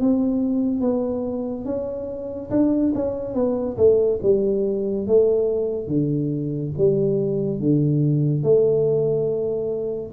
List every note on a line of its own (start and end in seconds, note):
0.00 0.81 C4
0.81 1.65 B3
1.65 2.50 C#4
2.50 2.92 D4
2.95 3.34 C#4
3.34 3.76 B3
3.77 4.19 A3
4.23 5.07 G3
5.07 5.87 A3
5.87 6.72 D3
6.78 7.59 G3
7.59 8.43 D3
8.43 10.12 A3